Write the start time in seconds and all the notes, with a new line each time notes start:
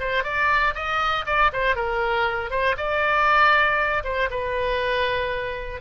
0.00 C5
0.24 D5
0.75 D#5
1.26 D5
1.53 C5
1.76 A#4
2.50 C5
2.77 D5
4.04 C5
4.30 B4